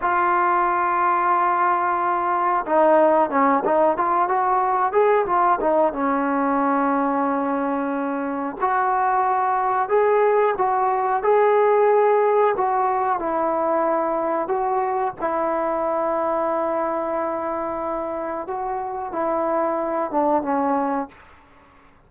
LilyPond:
\new Staff \with { instrumentName = "trombone" } { \time 4/4 \tempo 4 = 91 f'1 | dis'4 cis'8 dis'8 f'8 fis'4 gis'8 | f'8 dis'8 cis'2.~ | cis'4 fis'2 gis'4 |
fis'4 gis'2 fis'4 | e'2 fis'4 e'4~ | e'1 | fis'4 e'4. d'8 cis'4 | }